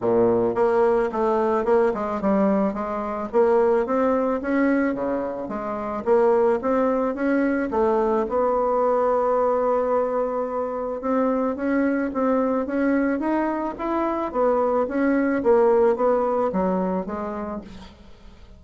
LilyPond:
\new Staff \with { instrumentName = "bassoon" } { \time 4/4 \tempo 4 = 109 ais,4 ais4 a4 ais8 gis8 | g4 gis4 ais4 c'4 | cis'4 cis4 gis4 ais4 | c'4 cis'4 a4 b4~ |
b1 | c'4 cis'4 c'4 cis'4 | dis'4 e'4 b4 cis'4 | ais4 b4 fis4 gis4 | }